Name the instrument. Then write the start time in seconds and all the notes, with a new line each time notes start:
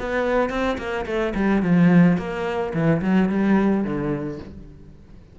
cello
0.00 B3
0.50 C4
0.78 A#3
1.06 A3
1.35 G3
1.63 F3
2.18 A#3
2.74 E3
3.02 F#3
3.30 G3
3.84 D3